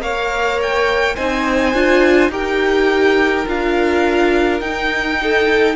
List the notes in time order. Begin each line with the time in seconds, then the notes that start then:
0.00 A#3 A#4 C#5 F5
0.62 G5
1.15 C4 D#4 C5 G#5
1.74 D4 F4
2.29 D#4 G4 A#4 G5
3.46 D4 F4 F5
4.61 D#4 G5
5.23 A4